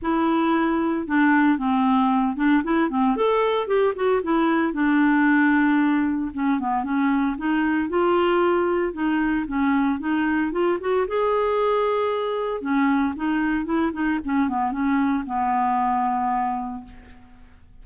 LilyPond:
\new Staff \with { instrumentName = "clarinet" } { \time 4/4 \tempo 4 = 114 e'2 d'4 c'4~ | c'8 d'8 e'8 c'8 a'4 g'8 fis'8 | e'4 d'2. | cis'8 b8 cis'4 dis'4 f'4~ |
f'4 dis'4 cis'4 dis'4 | f'8 fis'8 gis'2. | cis'4 dis'4 e'8 dis'8 cis'8 b8 | cis'4 b2. | }